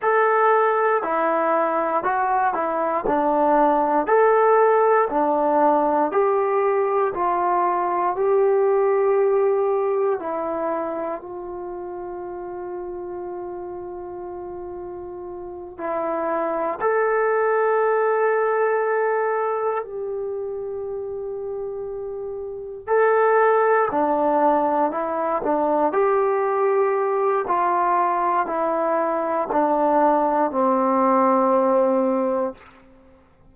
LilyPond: \new Staff \with { instrumentName = "trombone" } { \time 4/4 \tempo 4 = 59 a'4 e'4 fis'8 e'8 d'4 | a'4 d'4 g'4 f'4 | g'2 e'4 f'4~ | f'2.~ f'8 e'8~ |
e'8 a'2. g'8~ | g'2~ g'8 a'4 d'8~ | d'8 e'8 d'8 g'4. f'4 | e'4 d'4 c'2 | }